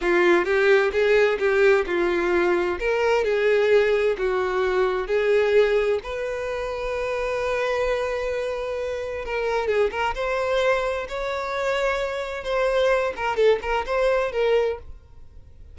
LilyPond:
\new Staff \with { instrumentName = "violin" } { \time 4/4 \tempo 4 = 130 f'4 g'4 gis'4 g'4 | f'2 ais'4 gis'4~ | gis'4 fis'2 gis'4~ | gis'4 b'2.~ |
b'1 | ais'4 gis'8 ais'8 c''2 | cis''2. c''4~ | c''8 ais'8 a'8 ais'8 c''4 ais'4 | }